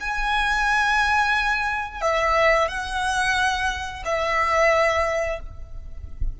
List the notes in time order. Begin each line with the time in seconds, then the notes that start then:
0.00 G#5
2.01 E5
2.68 F#5
4.04 E5